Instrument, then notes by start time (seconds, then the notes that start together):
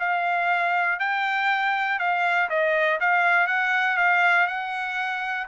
trumpet
0.00 F5
1.00 G5
2.00 F5
2.50 D#5
3.01 F5
3.47 F#5
3.97 F5
4.47 F#5